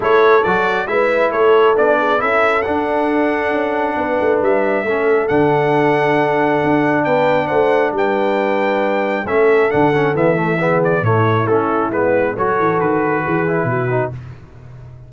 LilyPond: <<
  \new Staff \with { instrumentName = "trumpet" } { \time 4/4 \tempo 4 = 136 cis''4 d''4 e''4 cis''4 | d''4 e''4 fis''2~ | fis''2 e''2 | fis''1 |
g''4 fis''4 g''2~ | g''4 e''4 fis''4 e''4~ | e''8 d''8 cis''4 a'4 b'4 | cis''4 b'2. | }
  \new Staff \with { instrumentName = "horn" } { \time 4/4 a'2 b'4 a'4~ | a'8 gis'8 a'2.~ | a'4 b'2 a'4~ | a'1 |
b'4 c''4 b'2~ | b'4 a'2. | gis'4 e'2. | a'2 gis'4 fis'4 | }
  \new Staff \with { instrumentName = "trombone" } { \time 4/4 e'4 fis'4 e'2 | d'4 e'4 d'2~ | d'2. cis'4 | d'1~ |
d'1~ | d'4 cis'4 d'8 cis'8 b8 a8 | b4 a4 cis'4 b4 | fis'2~ fis'8 e'4 dis'8 | }
  \new Staff \with { instrumentName = "tuba" } { \time 4/4 a4 fis4 gis4 a4 | b4 cis'4 d'2 | cis'4 b8 a8 g4 a4 | d2. d'4 |
b4 a4 g2~ | g4 a4 d4 e4~ | e4 a,4 a4 gis4 | fis8 e8 dis4 e4 b,4 | }
>>